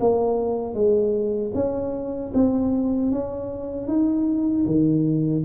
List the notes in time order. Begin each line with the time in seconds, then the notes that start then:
0.00 A#3
0.74 G#3
1.54 C#4
2.34 C4
3.11 C#4
3.87 D#4
4.66 D#3